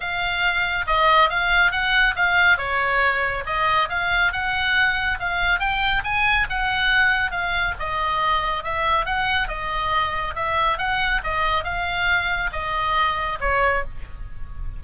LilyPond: \new Staff \with { instrumentName = "oboe" } { \time 4/4 \tempo 4 = 139 f''2 dis''4 f''4 | fis''4 f''4 cis''2 | dis''4 f''4 fis''2 | f''4 g''4 gis''4 fis''4~ |
fis''4 f''4 dis''2 | e''4 fis''4 dis''2 | e''4 fis''4 dis''4 f''4~ | f''4 dis''2 cis''4 | }